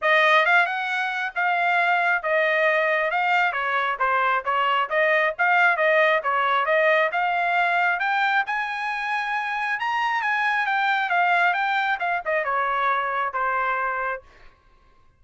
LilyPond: \new Staff \with { instrumentName = "trumpet" } { \time 4/4 \tempo 4 = 135 dis''4 f''8 fis''4. f''4~ | f''4 dis''2 f''4 | cis''4 c''4 cis''4 dis''4 | f''4 dis''4 cis''4 dis''4 |
f''2 g''4 gis''4~ | gis''2 ais''4 gis''4 | g''4 f''4 g''4 f''8 dis''8 | cis''2 c''2 | }